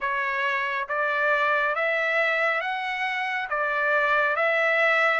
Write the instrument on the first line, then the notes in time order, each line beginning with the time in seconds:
trumpet
0.00 C#5
0.88 D5
1.75 E5
2.60 F#5
3.49 D5
4.36 E5